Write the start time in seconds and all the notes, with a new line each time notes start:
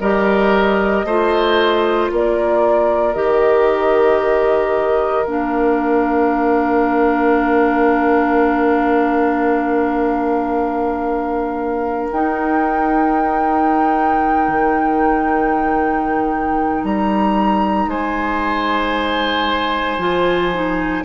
0.00 G3 G4 A#4 D#5
1.04 A3 F4 C5
2.11 A#3 A#4 D5
3.14 D#3 G4 D#5
5.25 A#3 D4 F5
12.12 D#4 G5
14.48 D#3
16.84 G3 A#5
17.86 G#3 C5 G#5
19.98 F3 F4
20.53 D#4